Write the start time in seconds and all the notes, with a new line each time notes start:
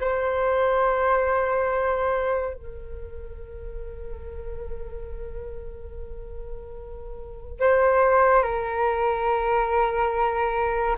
0.00 C5
2.54 A#4
7.60 C5
8.42 A#4